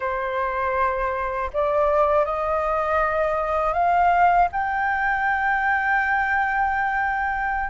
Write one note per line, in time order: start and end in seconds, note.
0.00 1.50 C5
1.53 2.25 D5
2.25 3.73 D#5
3.73 4.48 F5
4.51 7.69 G5